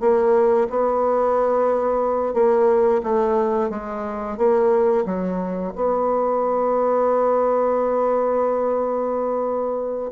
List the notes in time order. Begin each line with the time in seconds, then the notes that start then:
0.00 A#3
0.70 B3
2.34 A#3
3.03 A3
3.70 G#3
4.37 A#3
5.05 F#3
5.75 B3